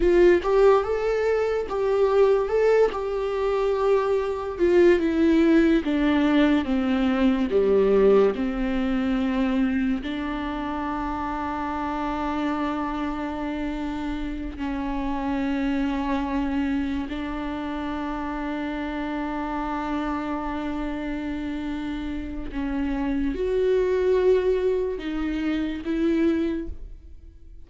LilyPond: \new Staff \with { instrumentName = "viola" } { \time 4/4 \tempo 4 = 72 f'8 g'8 a'4 g'4 a'8 g'8~ | g'4. f'8 e'4 d'4 | c'4 g4 c'2 | d'1~ |
d'4. cis'2~ cis'8~ | cis'8 d'2.~ d'8~ | d'2. cis'4 | fis'2 dis'4 e'4 | }